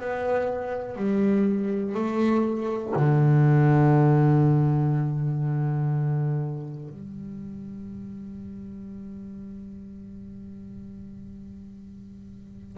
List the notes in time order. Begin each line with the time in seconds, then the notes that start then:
0.00 B3
0.97 G3
1.94 A3
2.96 D3
6.89 G3